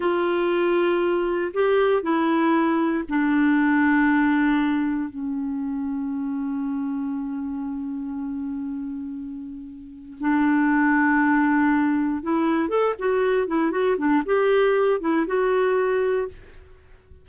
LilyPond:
\new Staff \with { instrumentName = "clarinet" } { \time 4/4 \tempo 4 = 118 f'2. g'4 | e'2 d'2~ | d'2 cis'2~ | cis'1~ |
cis'1 | d'1 | e'4 a'8 fis'4 e'8 fis'8 d'8 | g'4. e'8 fis'2 | }